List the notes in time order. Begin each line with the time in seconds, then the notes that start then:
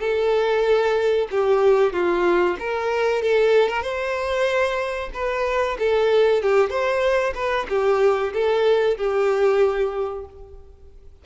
0.00 A4
1.31 G4
1.92 F4
2.59 A#4
3.22 A4
3.69 A#4
3.82 C5
5.13 B4
5.79 A4
6.42 G4
6.69 C5
7.34 B4
7.69 G4
8.33 A4
8.97 G4